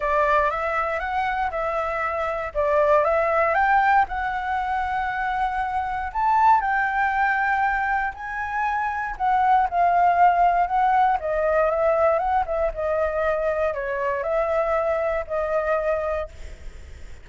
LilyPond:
\new Staff \with { instrumentName = "flute" } { \time 4/4 \tempo 4 = 118 d''4 e''4 fis''4 e''4~ | e''4 d''4 e''4 g''4 | fis''1 | a''4 g''2. |
gis''2 fis''4 f''4~ | f''4 fis''4 dis''4 e''4 | fis''8 e''8 dis''2 cis''4 | e''2 dis''2 | }